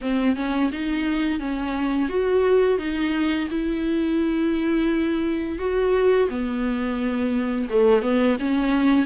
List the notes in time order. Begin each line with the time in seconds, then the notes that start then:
0.01 C4
0.36 C#4
0.72 D#4
1.39 C#4
2.09 F#4
2.78 D#4
3.50 E4
5.58 F#4
6.29 B3
7.69 A3
8.02 B3
8.39 C#4